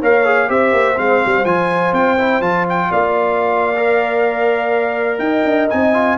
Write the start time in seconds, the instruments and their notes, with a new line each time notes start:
0.00 tuba A#3, trombone A#4, horn C#5, trumpet F5
0.25 trombone G#4
0.48 tuba C4, trombone G4, horn C5, trumpet E5
0.72 tuba A#3
0.95 tuba G#3, trombone C4, trumpet F5
1.25 tuba G3
1.44 tuba F3, trombone F4, trumpet G#5
1.92 tuba C4, trumpet G5
2.18 trombone E4
2.40 tuba F3, trombone F4, trumpet A5
2.69 trumpet G5
2.90 tuba A#3, horn D5, trumpet F5
3.76 trombone A#4
5.18 tuba D#4, horn D#5, trumpet G5
5.44 tuba D4
5.69 tuba C4, trombone D#4, trumpet G#5
5.93 trombone F4